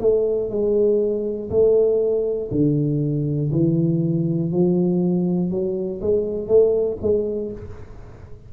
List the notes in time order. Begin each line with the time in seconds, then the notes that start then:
0.00 A3
0.50 G#3
1.51 A3
2.51 D3
3.52 E3
4.52 F3
5.51 F#3
6.02 G#3
6.48 A3
7.02 G#3